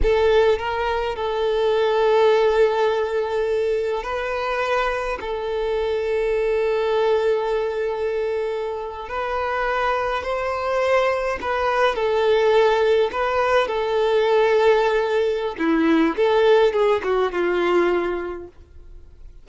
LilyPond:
\new Staff \with { instrumentName = "violin" } { \time 4/4 \tempo 4 = 104 a'4 ais'4 a'2~ | a'2. b'4~ | b'4 a'2.~ | a'2.~ a'8. b'16~ |
b'4.~ b'16 c''2 b'16~ | b'8. a'2 b'4 a'16~ | a'2. e'4 | a'4 gis'8 fis'8 f'2 | }